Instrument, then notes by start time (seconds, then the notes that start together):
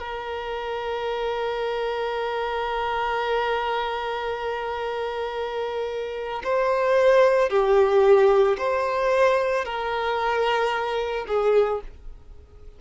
violin
0.00 A#4
6.44 C5
7.50 G4
8.58 C5
9.65 A#4
11.27 G#4